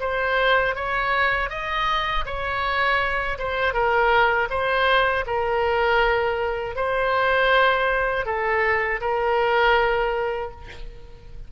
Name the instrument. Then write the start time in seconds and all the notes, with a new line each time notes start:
oboe
0.00 C5
0.75 C#5
1.50 D#5
2.25 C#5
3.38 C5
3.73 A#4
4.50 C5
5.26 A#4
6.75 C5
8.25 A4
9.01 A#4